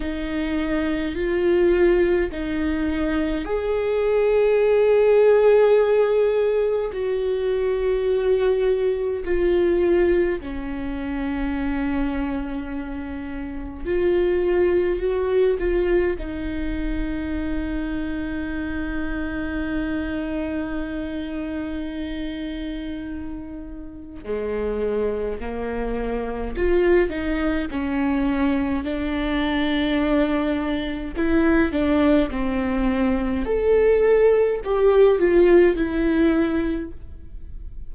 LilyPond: \new Staff \with { instrumentName = "viola" } { \time 4/4 \tempo 4 = 52 dis'4 f'4 dis'4 gis'4~ | gis'2 fis'2 | f'4 cis'2. | f'4 fis'8 f'8 dis'2~ |
dis'1~ | dis'4 gis4 ais4 f'8 dis'8 | cis'4 d'2 e'8 d'8 | c'4 a'4 g'8 f'8 e'4 | }